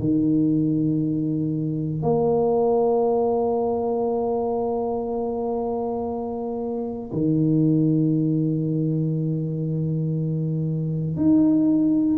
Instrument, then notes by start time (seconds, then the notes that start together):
tuba
0.00 D#3
2.03 A#3
7.12 D#3
11.17 D#4